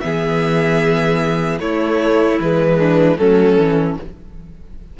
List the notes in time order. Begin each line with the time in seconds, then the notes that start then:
0.00 E3 B3 G#4 E5
1.60 A3 E4 C#5
2.39 E3 G#3 B4
2.77 D4
3.17 F#3 A3 C#4 A4
3.57 E3 C#4